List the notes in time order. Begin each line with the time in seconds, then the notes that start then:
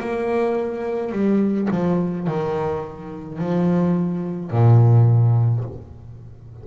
0.00 A#3
1.13 G3
1.71 F3
2.27 D#3
3.39 F3
4.51 A#2